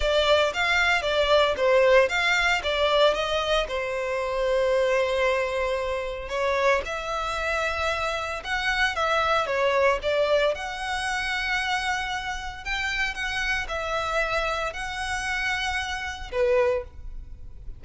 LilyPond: \new Staff \with { instrumentName = "violin" } { \time 4/4 \tempo 4 = 114 d''4 f''4 d''4 c''4 | f''4 d''4 dis''4 c''4~ | c''1 | cis''4 e''2. |
fis''4 e''4 cis''4 d''4 | fis''1 | g''4 fis''4 e''2 | fis''2. b'4 | }